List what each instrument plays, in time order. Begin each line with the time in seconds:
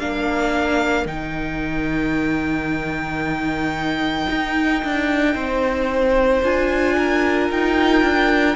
0.00 cello A#3, viola D4, violin A#4 F5
1.06 cello D#3, viola D#4, violin G5
4.30 cello D#4
4.84 cello D4
5.35 cello C4, violin C5
6.43 cello D4, viola F4, violin G#5
6.98 violin A#4
7.51 cello D#4, violin G5
8.03 cello D4